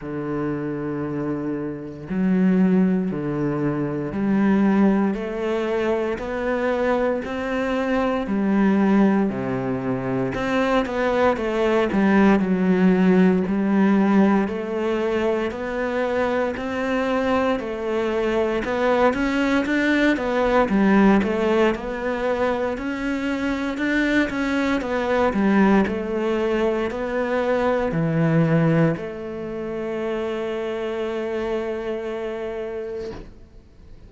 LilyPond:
\new Staff \with { instrumentName = "cello" } { \time 4/4 \tempo 4 = 58 d2 fis4 d4 | g4 a4 b4 c'4 | g4 c4 c'8 b8 a8 g8 | fis4 g4 a4 b4 |
c'4 a4 b8 cis'8 d'8 b8 | g8 a8 b4 cis'4 d'8 cis'8 | b8 g8 a4 b4 e4 | a1 | }